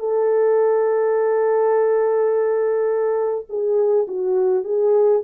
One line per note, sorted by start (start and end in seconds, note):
0.00 3.46 A4
3.50 4.08 G#4
4.08 4.65 F#4
4.65 5.22 G#4